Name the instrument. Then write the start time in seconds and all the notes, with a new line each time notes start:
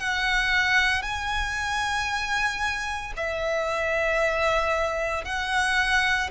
violin
0.00 F#5
1.03 G#5
3.17 E5
5.25 F#5